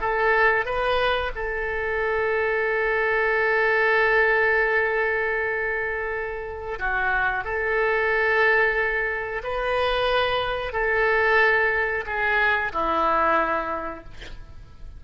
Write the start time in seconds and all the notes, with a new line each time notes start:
0.00 A4
0.65 B4
1.35 A4
6.79 F#4
7.44 A4
9.43 B4
10.72 A4
12.06 G#4
12.72 E4